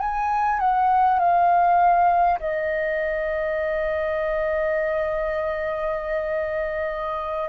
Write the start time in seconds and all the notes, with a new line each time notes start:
0.00 G#5
0.59 F#5
1.19 F5
2.40 D#5